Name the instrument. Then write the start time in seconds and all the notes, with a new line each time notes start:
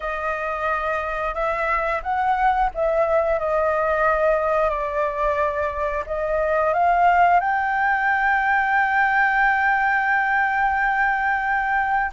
flute
0.00 D#5
1.34 E5
2.02 F#5
2.74 E5
3.39 D#5
4.69 D5
6.06 D#5
6.73 F5
7.39 G5